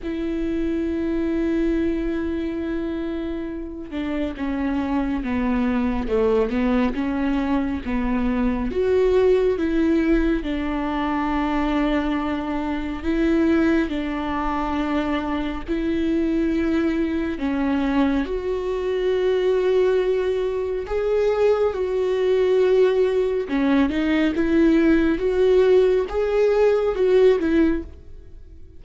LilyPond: \new Staff \with { instrumentName = "viola" } { \time 4/4 \tempo 4 = 69 e'1~ | e'8 d'8 cis'4 b4 a8 b8 | cis'4 b4 fis'4 e'4 | d'2. e'4 |
d'2 e'2 | cis'4 fis'2. | gis'4 fis'2 cis'8 dis'8 | e'4 fis'4 gis'4 fis'8 e'8 | }